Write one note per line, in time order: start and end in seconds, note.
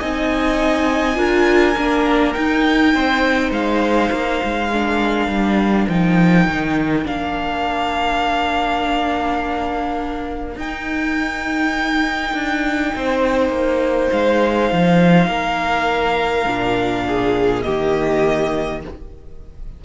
0.00 1.17 C4
0.00 1.15 D#4
0.00 1.18 D#5
0.00 2.33 G#5
1.15 1.76 D4
1.15 1.74 F4
1.15 2.94 A#4
1.77 2.36 A#3
1.77 2.35 D4
2.33 4.71 D#4
2.33 2.95 D#4
2.33 3.51 G5
2.94 3.51 C4
2.94 4.70 C5
3.51 4.10 G#3
3.51 5.88 F5
4.12 4.41 A#3
4.44 5.28 G#3
4.70 5.91 D4
4.70 12.93 A#4
5.28 5.87 G3
5.88 6.47 F3
5.88 7.04 D#4
5.88 7.07 G5
6.47 7.06 D#3
7.04 10.56 A#3
7.04 10.57 D4
7.04 10.59 F5
10.56 12.33 D#4
10.56 16.46 D#4
10.56 14.12 G5
12.34 12.92 D4
12.96 13.49 C4
12.96 15.28 C5
13.49 14.08 A#3
14.12 14.72 G#3
14.12 17.62 F5
14.72 15.28 F3
15.28 16.45 A#3
15.28 17.05 A#4
16.46 17.65 A#2
16.46 17.63 D4
17.08 17.65 G#4
17.62 18.85 D#3
17.62 18.82 A#3
17.62 18.83 G4
17.62 18.80 D#5